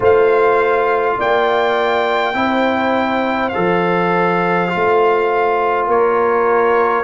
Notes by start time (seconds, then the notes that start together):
0.00 A3 F4 C5 F5
1.18 A#3 D5 G5
2.34 C4 E4 C5
3.49 A4 F5
3.56 F3
4.68 F4
4.75 A3
5.87 A#3 A#4 C#5